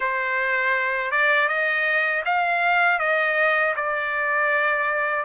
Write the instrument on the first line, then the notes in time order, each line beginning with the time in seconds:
trumpet
0.00 C5
1.11 D5
1.48 D#5
2.25 F5
2.99 D#5
3.76 D5